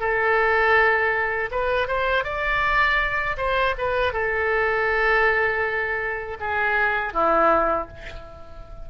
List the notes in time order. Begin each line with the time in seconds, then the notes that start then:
0.00 A4
1.51 B4
1.88 C5
2.24 D5
3.37 C5
3.78 B4
4.13 A4
6.40 G#4
7.13 E4